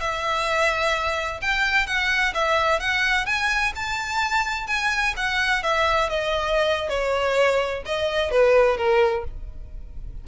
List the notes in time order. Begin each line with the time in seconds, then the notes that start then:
0.00 E5
1.41 G5
1.86 F#5
2.34 E5
2.80 F#5
3.26 G#5
3.75 A5
4.67 G#5
5.16 F#5
5.63 E5
6.09 D#5
6.89 C#5
7.86 D#5
8.31 B4
8.77 A#4